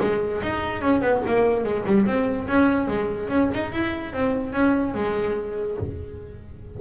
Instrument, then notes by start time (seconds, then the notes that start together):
double bass
0.00 G#3
0.42 D#4
0.81 C#4
1.01 B3
1.26 A#3
1.64 G#3
1.86 G3
2.06 C4
2.47 C#4
2.87 G#3
3.29 C#4
3.54 D#4
3.71 E4
4.13 C4
4.53 C#4
4.94 G#3